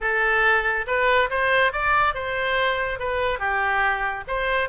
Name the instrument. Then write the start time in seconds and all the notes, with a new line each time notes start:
oboe
0.00 A4
0.86 B4
1.30 C5
1.72 D5
2.14 C5
2.99 B4
3.39 G4
4.27 C5